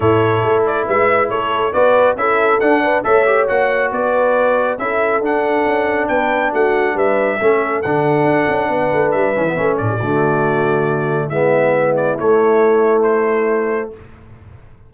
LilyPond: <<
  \new Staff \with { instrumentName = "trumpet" } { \time 4/4 \tempo 4 = 138 cis''4. d''8 e''4 cis''4 | d''4 e''4 fis''4 e''4 | fis''4 d''2 e''4 | fis''2 g''4 fis''4 |
e''2 fis''2~ | fis''4 e''4. d''4.~ | d''2 e''4. d''8 | cis''2 c''2 | }
  \new Staff \with { instrumentName = "horn" } { \time 4/4 a'2 b'4 a'4 | b'4 a'4. b'8 cis''4~ | cis''4 b'2 a'4~ | a'2 b'4 fis'4 |
b'4 a'2. | b'2~ b'8 a'16 g'16 fis'4~ | fis'2 e'2~ | e'1 | }
  \new Staff \with { instrumentName = "trombone" } { \time 4/4 e'1 | fis'4 e'4 d'4 a'8 g'8 | fis'2. e'4 | d'1~ |
d'4 cis'4 d'2~ | d'4. cis'16 b16 cis'4 a4~ | a2 b2 | a1 | }
  \new Staff \with { instrumentName = "tuba" } { \time 4/4 a,4 a4 gis4 a4 | b4 cis'4 d'4 a4 | ais4 b2 cis'4 | d'4 cis'4 b4 a4 |
g4 a4 d4 d'8 cis'8 | b8 a8 g8 e8 a8 a,8 d4~ | d2 gis2 | a1 | }
>>